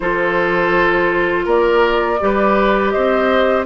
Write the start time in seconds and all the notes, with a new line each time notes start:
0.00 F3 F4 A4 C5
1.45 A#3 A#4 D5
2.20 G3 G4 B4
2.90 C5 D#5
2.96 C4